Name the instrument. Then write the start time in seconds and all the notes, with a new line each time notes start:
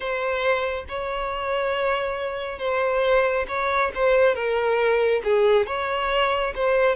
violin
0.00 C5
0.88 C#5
2.58 C5
3.47 C#5
3.94 C5
4.34 A#4
5.24 G#4
5.66 C#5
6.55 C5